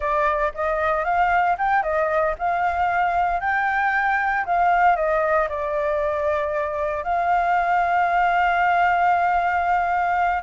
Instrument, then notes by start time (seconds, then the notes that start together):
flute
0.00 D5
0.54 D#5
1.04 F5
1.58 G5
1.82 D#5
2.38 F5
3.40 G5
4.45 F5
4.95 D#5
5.49 D5
7.03 F5